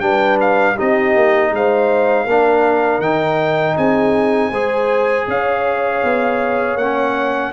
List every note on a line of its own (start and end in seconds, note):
0.00 0.75 G3
0.00 0.76 D4
0.00 0.75 B4
0.00 0.38 G5
0.40 0.78 F5
0.75 1.15 C4
0.75 2.27 D#4
0.75 1.50 G4
0.75 1.54 D#5
1.15 1.51 A#3
1.51 2.26 G#3
1.51 2.25 C5
1.51 3.01 F5
2.25 2.99 A#3
2.25 3.02 D4
2.25 3.75 A#4
2.99 3.74 D#3
2.99 4.52 D#4
2.99 3.76 G5
3.77 4.51 C4
3.77 4.50 G#4
3.77 5.27 G#5
4.50 5.26 G#3
4.50 6.79 G#4
4.50 5.25 C5
5.28 6.03 C#4
5.28 7.53 C#5
5.28 6.77 F5
6.03 6.76 B3
6.76 7.51 A#3
6.76 7.53 C#4
6.76 7.52 F#5